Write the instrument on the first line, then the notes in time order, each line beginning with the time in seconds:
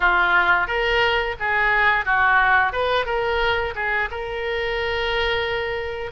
oboe
0.00 F4
0.67 A#4
1.39 G#4
2.05 F#4
2.72 B4
3.05 A#4
3.75 G#4
4.10 A#4